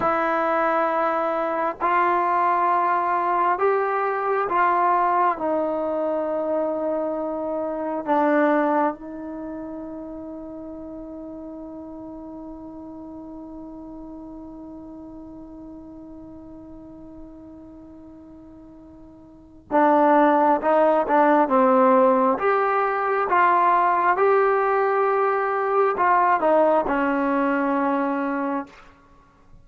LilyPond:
\new Staff \with { instrumentName = "trombone" } { \time 4/4 \tempo 4 = 67 e'2 f'2 | g'4 f'4 dis'2~ | dis'4 d'4 dis'2~ | dis'1~ |
dis'1~ | dis'2 d'4 dis'8 d'8 | c'4 g'4 f'4 g'4~ | g'4 f'8 dis'8 cis'2 | }